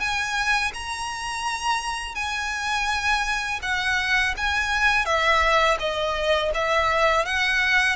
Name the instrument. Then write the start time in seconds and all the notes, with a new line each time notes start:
violin
0.00 G#5
0.74 A#5
2.16 G#5
3.63 F#5
4.37 G#5
5.06 E5
5.80 D#5
6.55 E5
7.26 F#5